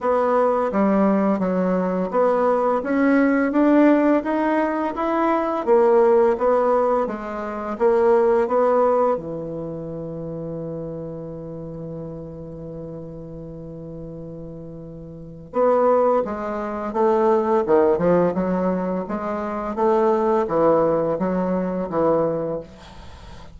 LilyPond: \new Staff \with { instrumentName = "bassoon" } { \time 4/4 \tempo 4 = 85 b4 g4 fis4 b4 | cis'4 d'4 dis'4 e'4 | ais4 b4 gis4 ais4 | b4 e2.~ |
e1~ | e2 b4 gis4 | a4 dis8 f8 fis4 gis4 | a4 e4 fis4 e4 | }